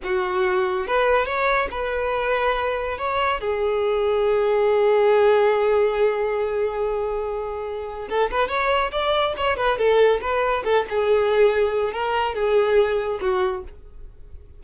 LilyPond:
\new Staff \with { instrumentName = "violin" } { \time 4/4 \tempo 4 = 141 fis'2 b'4 cis''4 | b'2. cis''4 | gis'1~ | gis'1~ |
gis'2. a'8 b'8 | cis''4 d''4 cis''8 b'8 a'4 | b'4 a'8 gis'2~ gis'8 | ais'4 gis'2 fis'4 | }